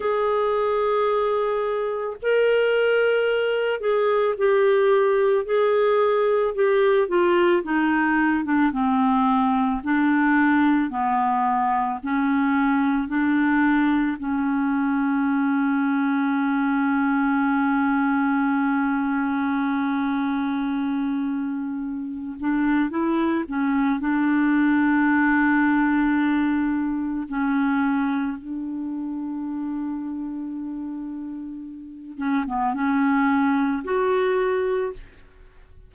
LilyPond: \new Staff \with { instrumentName = "clarinet" } { \time 4/4 \tempo 4 = 55 gis'2 ais'4. gis'8 | g'4 gis'4 g'8 f'8 dis'8. d'16 | c'4 d'4 b4 cis'4 | d'4 cis'2.~ |
cis'1~ | cis'8 d'8 e'8 cis'8 d'2~ | d'4 cis'4 d'2~ | d'4. cis'16 b16 cis'4 fis'4 | }